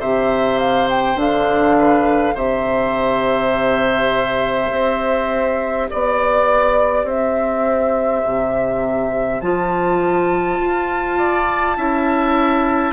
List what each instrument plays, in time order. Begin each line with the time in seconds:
0.00 bassoon C3, clarinet G4, oboe C5, flute E5
0.59 flute F5
0.90 flute G5
1.16 bassoon D3, clarinet D4, flute F5
1.78 oboe B4
2.34 bassoon C3, clarinet G4, oboe C5, flute E5
4.71 bassoon C4
5.90 bassoon B3, oboe D5, flute D5
7.04 bassoon C4, oboe C5, flute E5
8.25 bassoon C3
9.41 bassoon F3, clarinet F4, flute A5
10.61 bassoon F4
11.18 oboe D5
11.77 bassoon C#4, clarinet E4, oboe E5